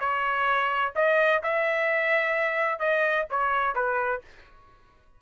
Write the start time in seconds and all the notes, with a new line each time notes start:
0.00 C#5
0.96 D#5
1.43 E5
2.79 D#5
3.31 C#5
3.75 B4